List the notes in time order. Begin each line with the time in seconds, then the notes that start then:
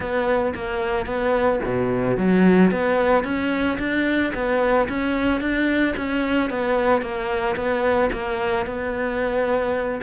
0.00 B3
0.55 A#3
1.06 B3
1.64 B2
2.17 F#3
2.71 B3
3.24 C#4
3.78 D4
4.33 B3
4.88 C#4
5.40 D4
5.97 C#4
6.50 B3
7.01 A#3
7.55 B3
8.12 A#3
8.66 B3